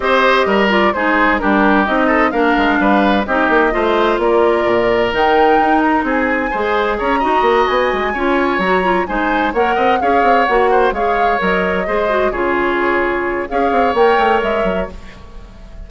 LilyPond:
<<
  \new Staff \with { instrumentName = "flute" } { \time 4/4 \tempo 4 = 129 dis''4. d''8 c''4 ais'4 | dis''4 f''2 dis''4~ | dis''4 d''2 g''4~ | g''8 ais''8 gis''2 ais''4~ |
ais''8 gis''2 ais''4 gis''8~ | gis''8 fis''4 f''4 fis''4 f''8~ | f''8 dis''2 cis''4.~ | cis''4 f''4 g''4 e''4 | }
  \new Staff \with { instrumentName = "oboe" } { \time 4/4 c''4 ais'4 gis'4 g'4~ | g'8 a'8 ais'4 b'4 g'4 | c''4 ais'2.~ | ais'4 gis'4 c''4 cis''8 dis''8~ |
dis''4. cis''2 c''8~ | c''8 cis''8 dis''8 cis''4. c''8 cis''8~ | cis''4. c''4 gis'4.~ | gis'4 cis''2. | }
  \new Staff \with { instrumentName = "clarinet" } { \time 4/4 g'4. f'8 dis'4 d'4 | dis'4 d'2 dis'4 | f'2. dis'4~ | dis'2 gis'4. fis'8~ |
fis'4. f'4 fis'8 f'8 dis'8~ | dis'8 ais'4 gis'4 fis'4 gis'8~ | gis'8 ais'4 gis'8 fis'8 f'4.~ | f'4 gis'4 ais'2 | }
  \new Staff \with { instrumentName = "bassoon" } { \time 4/4 c'4 g4 gis4 g4 | c'4 ais8 gis8 g4 c'8 ais8 | a4 ais4 ais,4 dis4 | dis'4 c'4 gis4 cis'8 dis'8 |
ais8 b8 gis8 cis'4 fis4 gis8~ | gis8 ais8 c'8 cis'8 c'8 ais4 gis8~ | gis8 fis4 gis4 cis4.~ | cis4 cis'8 c'8 ais8 a8 gis8 fis8 | }
>>